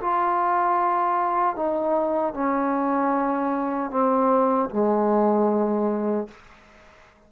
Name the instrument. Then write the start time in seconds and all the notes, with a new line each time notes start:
trombone
0.00 F4
1.55 D#4
2.33 C#4
3.90 C4
4.69 G#3